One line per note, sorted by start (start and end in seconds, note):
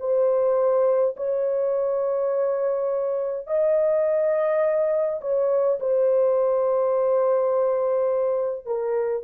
0.00 1.15 C5
1.16 3.47 C#5
3.47 5.20 D#5
5.21 5.79 C#5
5.80 8.66 C5
8.66 9.24 A#4